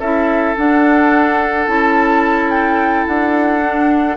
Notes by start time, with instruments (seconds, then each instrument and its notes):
0.00 bassoon C#4, clarinet E4, oboe A4, flute E5
0.56 clarinet D4, bassoon D4, flute F#5
1.67 bassoon C#4, clarinet E4, flute A5
2.51 flute G5
3.07 bassoon D4, flute F#5
3.62 clarinet D4